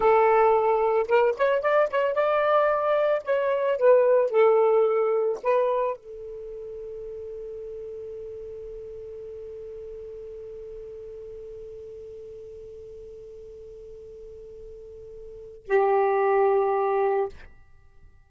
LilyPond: \new Staff \with { instrumentName = "saxophone" } { \time 4/4 \tempo 4 = 111 a'2 ais'8 cis''8 d''8 cis''8 | d''2 cis''4 b'4 | a'2 b'4 a'4~ | a'1~ |
a'1~ | a'1~ | a'1~ | a'4 g'2. | }